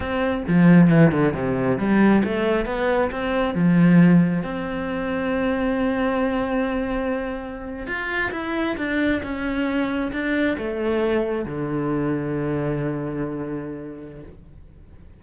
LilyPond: \new Staff \with { instrumentName = "cello" } { \time 4/4 \tempo 4 = 135 c'4 f4 e8 d8 c4 | g4 a4 b4 c'4 | f2 c'2~ | c'1~ |
c'4.~ c'16 f'4 e'4 d'16~ | d'8. cis'2 d'4 a16~ | a4.~ a16 d2~ d16~ | d1 | }